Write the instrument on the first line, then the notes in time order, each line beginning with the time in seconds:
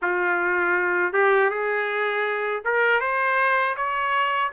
trumpet
0.01 F4
1.12 G4
1.50 G#4
2.65 A#4
3.00 C5
3.76 C#5